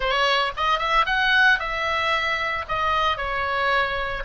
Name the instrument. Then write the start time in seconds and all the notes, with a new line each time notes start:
oboe
0.00 C#5
0.56 D#5
0.78 E5
1.06 F#5
1.59 E5
2.68 D#5
3.17 C#5